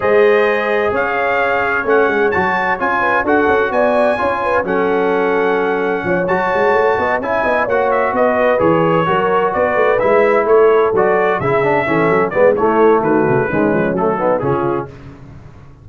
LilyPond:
<<
  \new Staff \with { instrumentName = "trumpet" } { \time 4/4 \tempo 4 = 129 dis''2 f''2 | fis''4 a''4 gis''4 fis''4 | gis''2 fis''2~ | fis''4. a''2 gis''8~ |
gis''8 fis''8 e''8 dis''4 cis''4.~ | cis''8 d''4 e''4 cis''4 d''8~ | d''8 e''2 d''8 cis''4 | b'2 a'4 gis'4 | }
  \new Staff \with { instrumentName = "horn" } { \time 4/4 c''2 cis''2~ | cis''2~ cis''8 b'8 a'4 | d''4 cis''8 b'8 a'2~ | a'4 cis''2 dis''8 e''8 |
dis''8 cis''4 b'2 ais'8~ | ais'8 b'2 a'4.~ | a'8 gis'4 a'4 b'8 e'4 | fis'4 cis'4. dis'8 f'4 | }
  \new Staff \with { instrumentName = "trombone" } { \time 4/4 gis'1 | cis'4 fis'4 f'4 fis'4~ | fis'4 f'4 cis'2~ | cis'4. fis'2 e'8~ |
e'8 fis'2 gis'4 fis'8~ | fis'4. e'2 fis'8~ | fis'8 e'8 d'8 cis'4 b8 a4~ | a4 gis4 a8 b8 cis'4 | }
  \new Staff \with { instrumentName = "tuba" } { \time 4/4 gis2 cis'2 | a8 gis8 fis4 cis'4 d'8 cis'8 | b4 cis'4 fis2~ | fis4 f8 fis8 gis8 a8 b8 cis'8 |
b8 ais4 b4 e4 fis8~ | fis8 b8 a8 gis4 a4 fis8~ | fis8 cis4 e8 fis8 gis8 a4 | dis8 cis8 dis8 f8 fis4 cis4 | }
>>